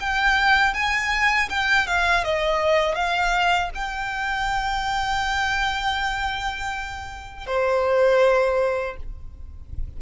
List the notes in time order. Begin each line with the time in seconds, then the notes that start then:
0.00 G5
0.74 G#5
1.50 G5
1.87 F5
2.25 D#5
2.95 F5
3.75 G5
7.47 C5